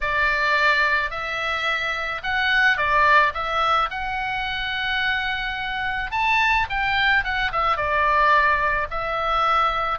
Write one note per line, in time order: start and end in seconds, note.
0.00 1.10 D5
1.10 2.21 E5
2.23 2.77 F#5
2.77 3.32 D5
3.34 3.89 E5
3.90 6.11 F#5
6.11 6.67 A5
6.69 7.23 G5
7.23 7.51 F#5
7.52 7.76 E5
7.76 8.87 D5
8.90 9.98 E5